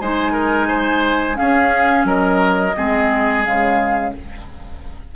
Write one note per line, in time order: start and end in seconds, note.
0.00 1.38 G#3
0.00 1.34 D#4
0.00 0.32 C5
0.00 1.37 G#5
0.32 0.67 A#4
0.68 1.37 C5
1.34 2.72 C#4
1.34 2.06 G#4
1.34 2.06 F5
1.40 2.04 C#4
2.04 2.73 F#3
2.04 2.75 A#4
2.04 3.45 D#5
2.76 3.46 G#3
2.76 3.44 C4
2.76 4.14 G#4
3.44 4.15 C#3
3.44 4.13 G#3
3.44 4.14 F5